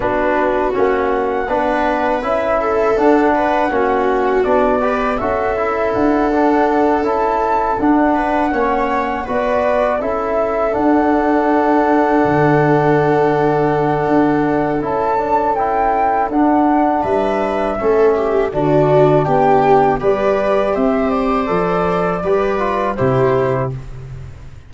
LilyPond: <<
  \new Staff \with { instrumentName = "flute" } { \time 4/4 \tempo 4 = 81 b'4 fis''2 e''4 | fis''2 d''4 e''4 | fis''4. a''4 fis''4.~ | fis''8 d''4 e''4 fis''4.~ |
fis''1 | a''4 g''4 fis''4 e''4~ | e''4 d''4 g''4 d''4 | e''8 d''2~ d''8 c''4 | }
  \new Staff \with { instrumentName = "viola" } { \time 4/4 fis'2 b'4. a'8~ | a'8 b'8 fis'4. b'8 a'4~ | a'2. b'8 cis''8~ | cis''8 b'4 a'2~ a'8~ |
a'1~ | a'2. b'4 | a'8 g'8 fis'4 g'4 b'4 | c''2 b'4 g'4 | }
  \new Staff \with { instrumentName = "trombone" } { \time 4/4 d'4 cis'4 d'4 e'4 | d'4 cis'4 d'8 g'8 fis'8 e'8~ | e'8 d'4 e'4 d'4 cis'8~ | cis'8 fis'4 e'4 d'4.~ |
d'1 | e'8 d'8 e'4 d'2 | cis'4 d'2 g'4~ | g'4 a'4 g'8 f'8 e'4 | }
  \new Staff \with { instrumentName = "tuba" } { \time 4/4 b4 ais4 b4 cis'4 | d'4 ais4 b4 cis'4 | d'4. cis'4 d'4 ais8~ | ais8 b4 cis'4 d'4.~ |
d'8 d2~ d8 d'4 | cis'2 d'4 g4 | a4 d4 b4 g4 | c'4 f4 g4 c4 | }
>>